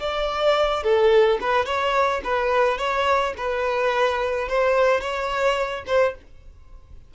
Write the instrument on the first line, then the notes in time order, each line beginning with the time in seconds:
violin
0.00 D5
0.84 A4
1.41 B4
1.66 C#5
2.24 B4
2.79 C#5
3.38 B4
4.49 C5
5.02 C#5
5.87 C5